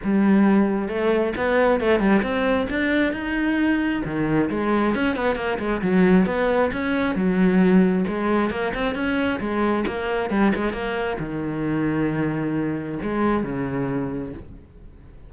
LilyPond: \new Staff \with { instrumentName = "cello" } { \time 4/4 \tempo 4 = 134 g2 a4 b4 | a8 g8 c'4 d'4 dis'4~ | dis'4 dis4 gis4 cis'8 b8 | ais8 gis8 fis4 b4 cis'4 |
fis2 gis4 ais8 c'8 | cis'4 gis4 ais4 g8 gis8 | ais4 dis2.~ | dis4 gis4 cis2 | }